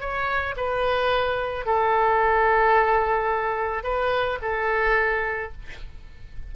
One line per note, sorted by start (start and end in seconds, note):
0.00 0.55 C#5
0.56 1.66 B4
1.66 3.83 A4
3.83 4.38 B4
4.42 5.52 A4